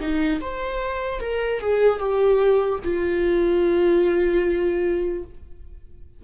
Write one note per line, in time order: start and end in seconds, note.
0.00 0.40 D#4
0.41 1.20 C5
1.20 1.60 A#4
1.60 1.99 G#4
1.99 2.79 G4
2.84 5.24 F4